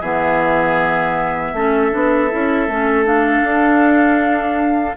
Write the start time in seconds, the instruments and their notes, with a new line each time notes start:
0.00 bassoon E3, clarinet B3, oboe G#4, flute E5
1.53 bassoon A3, clarinet C#4, oboe A4
1.91 bassoon B3, clarinet D4
2.31 bassoon C#4, clarinet E4
2.67 bassoon A3, clarinet C#4
3.05 clarinet D4, flute F5
3.42 bassoon D4